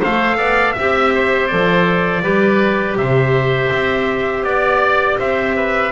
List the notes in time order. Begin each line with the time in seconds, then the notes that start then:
0.00 A3 A4 C5 F5
0.37 B3 D5
0.73 E5
0.79 C4 G4
1.15 C5
1.48 F3 A4 D5
2.23 G3 G4 B4
2.97 C3 C5 E5
3.73 C4
4.44 B3 D5
5.19 C4 C5 E5
5.56 B4